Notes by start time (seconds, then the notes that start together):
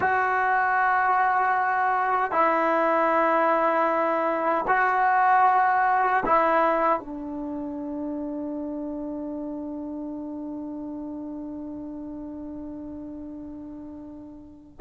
0.00 F#4
2.31 E4
4.67 F#4
6.25 E4
7.00 D4